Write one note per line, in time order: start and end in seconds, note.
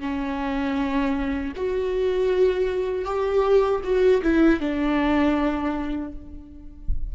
0.00 1.52 C#4
1.55 3.04 F#4
3.04 3.80 G4
3.83 4.21 F#4
4.22 4.60 E4
4.60 6.12 D4